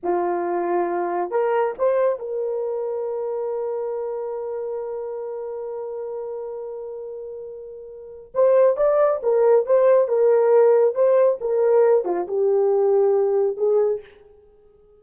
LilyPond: \new Staff \with { instrumentName = "horn" } { \time 4/4 \tempo 4 = 137 f'2. ais'4 | c''4 ais'2.~ | ais'1~ | ais'1~ |
ais'2. c''4 | d''4 ais'4 c''4 ais'4~ | ais'4 c''4 ais'4. f'8 | g'2. gis'4 | }